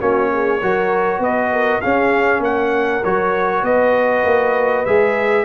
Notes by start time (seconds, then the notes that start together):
0.00 A#3 C#4 F#4 C#5
0.32 G#4
0.62 F#3 F#4 A#4
1.19 B3 B4 D#5
1.52 A#4
1.81 C#4 G#4 F5
2.40 A#3 A#4 F#5
3.04 F#3 F#4 C#5
3.63 B3 B4 D#5
4.24 A#3
4.86 G#3 G#4 E5